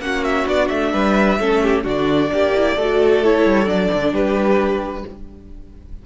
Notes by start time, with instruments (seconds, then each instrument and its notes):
0.00 cello A#3, viola C#4, violin F#5
0.06 violin F#4
0.25 violin E5
0.47 cello B3, viola D4, violin D5
0.69 cello A3, violin E5
0.93 cello G3, violin B4
1.39 cello A3, viola C#4, violin A4
1.63 violin G4
1.84 cello D3, viola D4, violin F#4 D5
2.33 cello A#3, violin G4
2.56 viola E4
2.77 cello A3, viola F#4, violin A4
3.25 viola E4, violin C#5
3.46 cello G3
3.66 cello F#3, viola D4, violin D5
3.94 cello D3
4.12 cello G3, violin G4 B4